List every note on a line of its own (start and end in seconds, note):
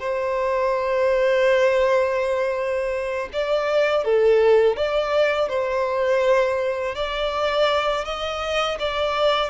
0.00 3.29 C5
3.33 4.05 D5
4.05 4.77 A4
4.77 5.49 D5
5.49 6.95 C5
6.96 8.05 D5
8.05 8.78 D#5
8.79 9.51 D5